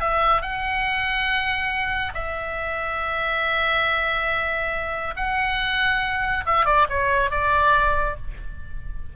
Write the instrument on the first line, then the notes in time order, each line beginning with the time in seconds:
oboe
0.00 E5
0.41 F#5
2.14 E5
5.16 F#5
6.46 E5
6.65 D5
6.89 C#5
7.30 D5